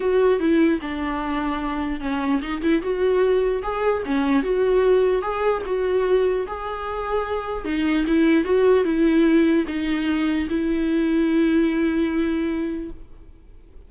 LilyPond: \new Staff \with { instrumentName = "viola" } { \time 4/4 \tempo 4 = 149 fis'4 e'4 d'2~ | d'4 cis'4 dis'8 e'8 fis'4~ | fis'4 gis'4 cis'4 fis'4~ | fis'4 gis'4 fis'2 |
gis'2. dis'4 | e'4 fis'4 e'2 | dis'2 e'2~ | e'1 | }